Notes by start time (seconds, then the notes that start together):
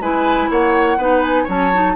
0.00 G#3 E4 B4 G#5
0.51 A#3 C#5 F#5
0.98 B3 D#4 B4
1.23 G#5
1.44 F#3 C#4 C#5 A5
1.74 D#4